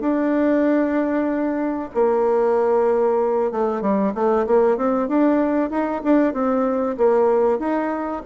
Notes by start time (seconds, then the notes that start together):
0.00 D4
1.94 A#3
3.51 A3
3.82 G3
4.14 A3
4.47 A#3
4.77 C4
5.08 D4
5.70 D#4
6.03 D4
6.33 C4
6.97 A#3
7.59 D#4